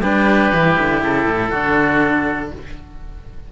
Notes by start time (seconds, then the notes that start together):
0.00 G3 D4 G4 B4
0.52 E3 E4
0.78 D3
1.03 C#3 A4
1.25 A2
1.49 D3 D4 F#4